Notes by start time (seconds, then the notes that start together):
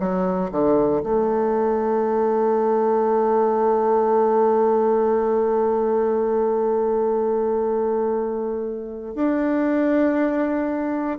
0.00 F#3
0.51 D3
1.03 A3
9.15 D4